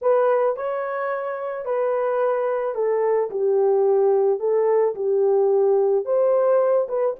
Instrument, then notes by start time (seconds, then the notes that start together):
horn
0.01 B4
0.56 C#5
1.65 B4
2.74 A4
3.30 G4
4.39 A4
4.95 G4
6.05 C5
6.88 B4